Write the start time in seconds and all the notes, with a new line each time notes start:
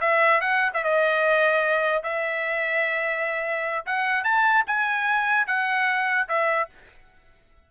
0.00 E5
0.41 F#5
0.74 E5
0.83 D#5
2.03 E5
3.86 F#5
4.24 A5
4.67 G#5
5.47 F#5
6.28 E5